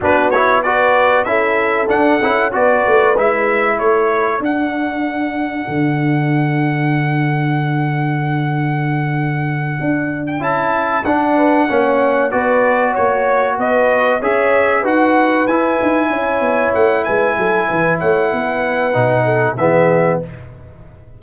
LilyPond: <<
  \new Staff \with { instrumentName = "trumpet" } { \time 4/4 \tempo 4 = 95 b'8 cis''8 d''4 e''4 fis''4 | d''4 e''4 cis''4 fis''4~ | fis''1~ | fis''1~ |
fis''16 g''16 a''4 fis''2 d''8~ | d''8 cis''4 dis''4 e''4 fis''8~ | fis''8 gis''2 fis''8 gis''4~ | gis''8 fis''2~ fis''8 e''4 | }
  \new Staff \with { instrumentName = "horn" } { \time 4/4 fis'4 b'4 a'2 | b'2 a'2~ | a'1~ | a'1~ |
a'2 b'8 cis''4 b'8~ | b'8 cis''4 b'4 cis''4 b'8~ | b'4. cis''4. b'8 a'8 | b'8 cis''8 b'4. a'8 gis'4 | }
  \new Staff \with { instrumentName = "trombone" } { \time 4/4 d'8 e'8 fis'4 e'4 d'8 e'8 | fis'4 e'2 d'4~ | d'1~ | d'1~ |
d'8 e'4 d'4 cis'4 fis'8~ | fis'2~ fis'8 gis'4 fis'8~ | fis'8 e'2.~ e'8~ | e'2 dis'4 b4 | }
  \new Staff \with { instrumentName = "tuba" } { \time 4/4 b2 cis'4 d'8 cis'8 | b8 a8 gis4 a4 d'4~ | d'4 d2.~ | d2.~ d8 d'8~ |
d'8 cis'4 d'4 ais4 b8~ | b8 ais4 b4 cis'4 dis'8~ | dis'8 e'8 dis'8 cis'8 b8 a8 gis8 fis8 | e8 a8 b4 b,4 e4 | }
>>